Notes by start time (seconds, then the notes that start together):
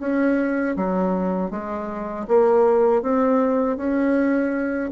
0.00 C#4
0.76 F#3
1.51 G#3
2.28 A#3
3.02 C4
3.77 C#4